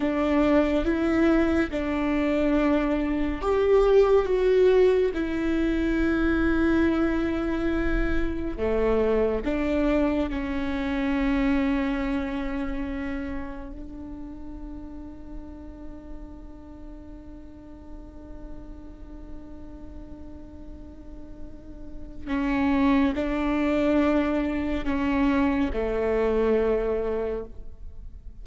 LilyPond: \new Staff \with { instrumentName = "viola" } { \time 4/4 \tempo 4 = 70 d'4 e'4 d'2 | g'4 fis'4 e'2~ | e'2 a4 d'4 | cis'1 |
d'1~ | d'1~ | d'2 cis'4 d'4~ | d'4 cis'4 a2 | }